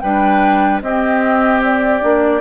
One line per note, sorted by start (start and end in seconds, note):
0.00 0.82 G3
0.00 0.82 D4
0.00 0.82 B4
0.00 0.80 G5
0.82 2.00 C4
0.82 2.02 C4
0.82 2.41 G4
0.82 1.62 D#5
1.64 2.41 D5
2.00 2.41 A#3
2.00 2.40 D4